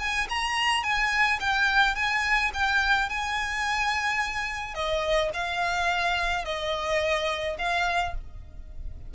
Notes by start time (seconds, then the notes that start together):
0.00 G#5
0.30 A#5
0.84 G#5
1.41 G5
1.95 G#5
2.54 G5
3.10 G#5
4.75 D#5
5.34 F5
6.45 D#5
7.59 F5